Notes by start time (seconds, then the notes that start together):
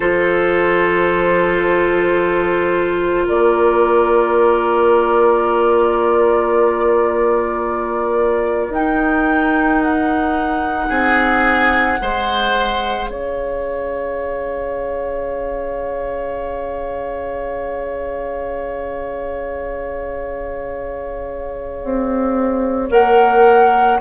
0.00 F3 F4 A4 C5
3.25 A#3 A#4 D5
8.69 D#4 G5
9.82 F#5
10.88 C4 G#4
11.97 G#3 G#4 C5
13.06 C#4 C#5 F5
21.83 C4
22.89 A#3 A#4 F#5